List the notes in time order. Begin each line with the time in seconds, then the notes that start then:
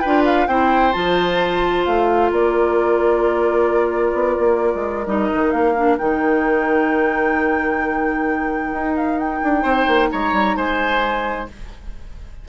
0.00 D4 B4 G5
0.06 F4
0.26 F5
0.48 C4 E4 C5 G5
0.93 F3 F4 A5
1.85 A3 F5
2.31 A#3 A#4 D5
4.13 B3
4.39 A#3
4.75 G#3
5.06 G3 D#4 D#5
5.35 D#3
5.51 A#3 F5
5.76 D4
5.98 D#3 D#4 G5
8.72 D#4
8.96 F5
9.19 G5
9.44 D4
9.63 C4 C5
9.87 A#3
10.11 G#3 C#5 A#5
10.33 G3
10.57 G#3 C5 G#5